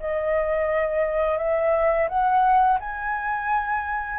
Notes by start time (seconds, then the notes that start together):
0.00 D#5
1.38 E5
2.08 F#5
2.80 G#5